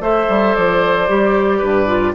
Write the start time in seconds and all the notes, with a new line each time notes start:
0.00 A3 A4 C5 E5
0.29 G3
0.54 F3 D5
1.08 G3 G4
1.58 G2 B4
1.87 F4